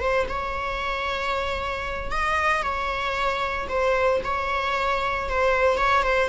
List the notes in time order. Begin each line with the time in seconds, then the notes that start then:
0.00 C5
0.28 C#5
2.11 D#5
2.62 C#5
3.68 C5
4.23 C#5
5.29 C5
5.77 C#5
6.03 C5